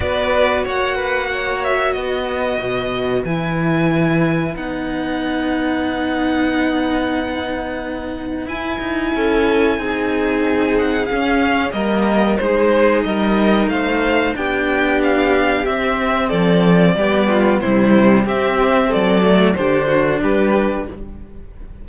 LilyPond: <<
  \new Staff \with { instrumentName = "violin" } { \time 4/4 \tempo 4 = 92 d''4 fis''4. e''8 dis''4~ | dis''4 gis''2 fis''4~ | fis''1~ | fis''4 gis''2.~ |
gis''8 fis''8 f''4 dis''4 c''4 | dis''4 f''4 g''4 f''4 | e''4 d''2 c''4 | e''4 d''4 c''4 b'4 | }
  \new Staff \with { instrumentName = "violin" } { \time 4/4 b'4 cis''8 b'8 cis''4 b'4~ | b'1~ | b'1~ | b'2 a'4 gis'4~ |
gis'2 ais'4 gis'4 | ais'4 c''4 g'2~ | g'4 a'4 g'8 f'8 e'4 | g'4 a'4 g'8 fis'8 g'4 | }
  \new Staff \with { instrumentName = "cello" } { \time 4/4 fis'1~ | fis'4 e'2 dis'4~ | dis'1~ | dis'4 e'2 dis'4~ |
dis'4 cis'4 ais4 dis'4~ | dis'2 d'2 | c'2 b4 g4 | c'4. a8 d'2 | }
  \new Staff \with { instrumentName = "cello" } { \time 4/4 b4 ais2 b4 | b,4 e2 b4~ | b1~ | b4 e'8 dis'8 cis'4 c'4~ |
c'4 cis'4 g4 gis4 | g4 a4 b2 | c'4 f4 g4 c4 | c'4 fis4 d4 g4 | }
>>